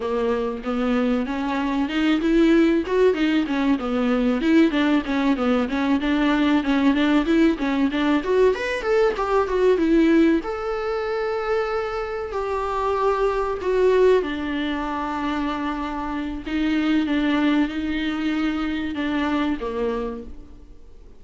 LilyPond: \new Staff \with { instrumentName = "viola" } { \time 4/4 \tempo 4 = 95 ais4 b4 cis'4 dis'8 e'8~ | e'8 fis'8 dis'8 cis'8 b4 e'8 d'8 | cis'8 b8 cis'8 d'4 cis'8 d'8 e'8 | cis'8 d'8 fis'8 b'8 a'8 g'8 fis'8 e'8~ |
e'8 a'2. g'8~ | g'4. fis'4 d'4.~ | d'2 dis'4 d'4 | dis'2 d'4 ais4 | }